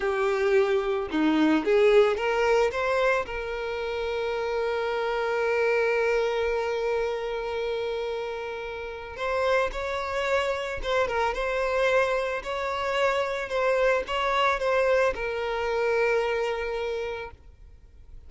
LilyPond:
\new Staff \with { instrumentName = "violin" } { \time 4/4 \tempo 4 = 111 g'2 dis'4 gis'4 | ais'4 c''4 ais'2~ | ais'1~ | ais'1~ |
ais'4 c''4 cis''2 | c''8 ais'8 c''2 cis''4~ | cis''4 c''4 cis''4 c''4 | ais'1 | }